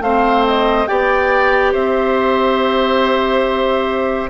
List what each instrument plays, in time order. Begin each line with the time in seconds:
0.00 bassoon A3, clarinet C4, oboe C5, flute F5
0.46 flute D#5
0.87 bassoon B3, clarinet G4, oboe D5, flute G5
1.72 bassoon C4, oboe C5, flute E5